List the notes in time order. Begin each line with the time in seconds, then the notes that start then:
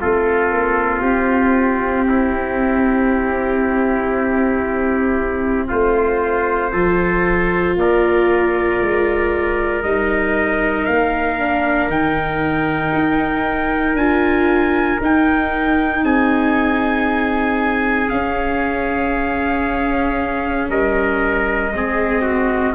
0.00 A3 C4 F4 A4
0.50 A#3
1.00 C4 G4
2.08 E4
5.68 A3 F4 C5
6.72 F3 F4 A4
7.76 A#3 A#4 D5
8.80 G#3
9.82 G3 D#4 D#5
10.85 A#3 F5
11.38 D4
11.87 D#3 D#4 G5
12.94 D#4
13.94 D4 F4 G#5
15.00 D#4 G5
16.03 C4 G#4 G#5
18.09 C#4 F5
20.69 G3 A#4 D#5
21.73 G#3 C4 G#4
22.21 F#4